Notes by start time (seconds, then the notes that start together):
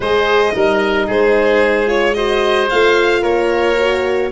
0.00 G#3 G#4 C5 D#5
0.52 G3 D#4 A#4
1.06 G#3 G#4 C5
1.86 F4 C#5
2.14 F#4 C5 D#5
2.69 A3 F4 F5
3.21 A#3 A#4 C#5
3.78 F#4